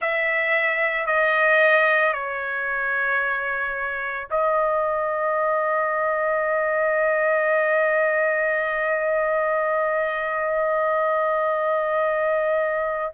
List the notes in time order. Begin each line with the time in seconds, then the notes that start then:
0.01 E5
1.06 D#5
2.13 C#5
4.30 D#5